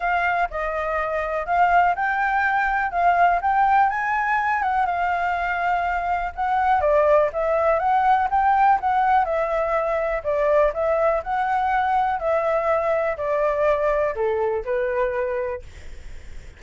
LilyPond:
\new Staff \with { instrumentName = "flute" } { \time 4/4 \tempo 4 = 123 f''4 dis''2 f''4 | g''2 f''4 g''4 | gis''4. fis''8 f''2~ | f''4 fis''4 d''4 e''4 |
fis''4 g''4 fis''4 e''4~ | e''4 d''4 e''4 fis''4~ | fis''4 e''2 d''4~ | d''4 a'4 b'2 | }